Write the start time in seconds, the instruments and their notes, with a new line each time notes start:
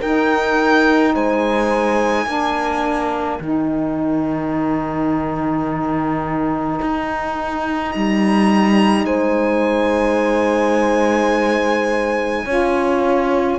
0.00 cello D#4, saxophone D#4, horn A#4, violin G5
1.14 cello G#3, horn C5, violin G#5
2.26 cello A#3, saxophone D4, horn A#4
3.40 cello D#3, saxophone D#4, violin G5
6.81 cello D#4
7.92 cello G3, violin A#5
9.05 cello G#3, horn C5, violin G#5
12.45 cello C#4, saxophone F4, horn C#5